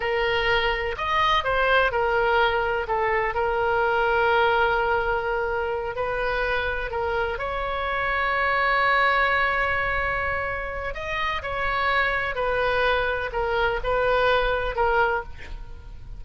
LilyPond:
\new Staff \with { instrumentName = "oboe" } { \time 4/4 \tempo 4 = 126 ais'2 dis''4 c''4 | ais'2 a'4 ais'4~ | ais'1~ | ais'8 b'2 ais'4 cis''8~ |
cis''1~ | cis''2. dis''4 | cis''2 b'2 | ais'4 b'2 ais'4 | }